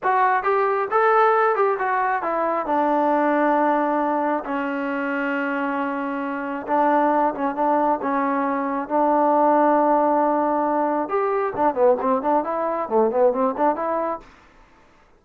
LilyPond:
\new Staff \with { instrumentName = "trombone" } { \time 4/4 \tempo 4 = 135 fis'4 g'4 a'4. g'8 | fis'4 e'4 d'2~ | d'2 cis'2~ | cis'2. d'4~ |
d'8 cis'8 d'4 cis'2 | d'1~ | d'4 g'4 d'8 b8 c'8 d'8 | e'4 a8 b8 c'8 d'8 e'4 | }